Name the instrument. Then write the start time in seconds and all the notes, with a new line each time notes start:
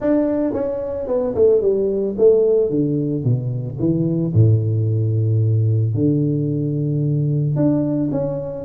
tuba
0.00 D4
0.53 C#4
1.07 B3
1.35 A3
1.61 G3
2.18 A3
2.70 D3
3.23 B2
3.79 E3
4.33 A2
5.94 D3
7.55 D4
8.11 C#4